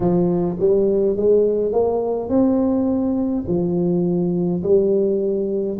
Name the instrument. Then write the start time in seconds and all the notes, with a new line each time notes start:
tuba
0.00 F3
0.59 G3
1.16 G#3
1.72 A#3
2.29 C4
3.47 F3
4.63 G3